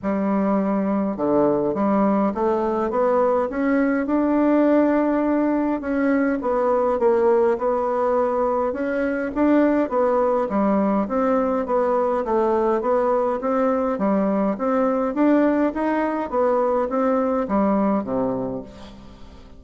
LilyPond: \new Staff \with { instrumentName = "bassoon" } { \time 4/4 \tempo 4 = 103 g2 d4 g4 | a4 b4 cis'4 d'4~ | d'2 cis'4 b4 | ais4 b2 cis'4 |
d'4 b4 g4 c'4 | b4 a4 b4 c'4 | g4 c'4 d'4 dis'4 | b4 c'4 g4 c4 | }